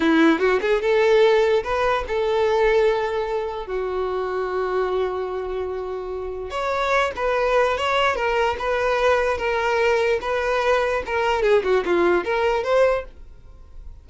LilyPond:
\new Staff \with { instrumentName = "violin" } { \time 4/4 \tempo 4 = 147 e'4 fis'8 gis'8 a'2 | b'4 a'2.~ | a'4 fis'2.~ | fis'1 |
cis''4. b'4. cis''4 | ais'4 b'2 ais'4~ | ais'4 b'2 ais'4 | gis'8 fis'8 f'4 ais'4 c''4 | }